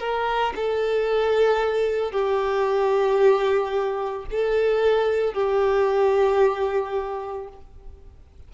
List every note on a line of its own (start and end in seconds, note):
0.00 0.54 A#4
0.56 2.12 A4
2.12 4.26 G4
4.31 5.34 A4
5.34 7.49 G4